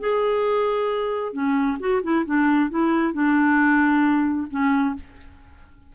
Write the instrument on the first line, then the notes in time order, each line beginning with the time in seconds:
clarinet
0.00 G#4
1.33 C#4
1.80 F#4
2.03 E4
2.26 D4
2.70 E4
3.14 D4
4.51 C#4